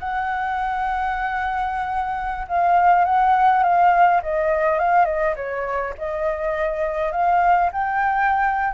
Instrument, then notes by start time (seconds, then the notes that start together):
flute
0.00 F#5
2.48 F5
3.06 F#5
3.64 F5
4.23 D#5
4.79 F5
5.06 D#5
5.36 C#5
5.98 D#5
7.13 F5
7.73 G5